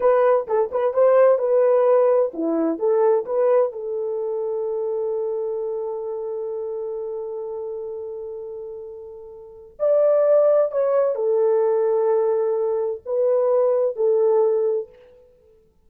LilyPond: \new Staff \with { instrumentName = "horn" } { \time 4/4 \tempo 4 = 129 b'4 a'8 b'8 c''4 b'4~ | b'4 e'4 a'4 b'4 | a'1~ | a'1~ |
a'1~ | a'4 d''2 cis''4 | a'1 | b'2 a'2 | }